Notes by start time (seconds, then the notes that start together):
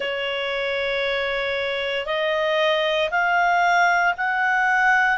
0.00 C#5
2.05 D#5
3.10 F5
4.17 F#5